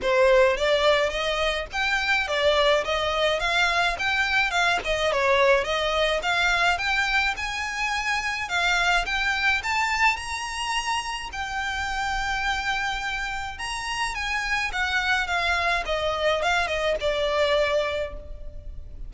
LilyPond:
\new Staff \with { instrumentName = "violin" } { \time 4/4 \tempo 4 = 106 c''4 d''4 dis''4 g''4 | d''4 dis''4 f''4 g''4 | f''8 dis''8 cis''4 dis''4 f''4 | g''4 gis''2 f''4 |
g''4 a''4 ais''2 | g''1 | ais''4 gis''4 fis''4 f''4 | dis''4 f''8 dis''8 d''2 | }